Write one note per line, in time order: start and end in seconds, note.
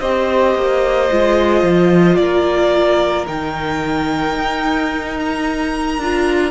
0.00 0.55 C4
0.00 1.11 G4
0.00 2.18 C5
0.00 2.16 D#5
0.55 1.10 A#3
1.11 1.63 G#3
1.11 3.27 F4
1.63 2.18 F3
2.16 3.27 A#3
2.16 6.51 A#4
2.16 3.25 D5
3.27 4.36 D#3
3.27 6.00 D#4
3.27 5.19 G5
4.36 5.98 D#4
5.20 6.51 A#5
5.98 6.51 D4
5.98 6.51 F4